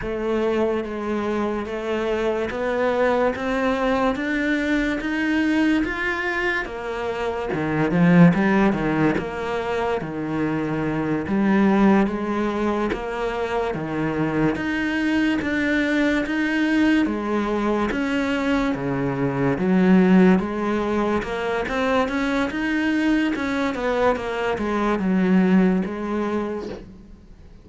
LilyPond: \new Staff \with { instrumentName = "cello" } { \time 4/4 \tempo 4 = 72 a4 gis4 a4 b4 | c'4 d'4 dis'4 f'4 | ais4 dis8 f8 g8 dis8 ais4 | dis4. g4 gis4 ais8~ |
ais8 dis4 dis'4 d'4 dis'8~ | dis'8 gis4 cis'4 cis4 fis8~ | fis8 gis4 ais8 c'8 cis'8 dis'4 | cis'8 b8 ais8 gis8 fis4 gis4 | }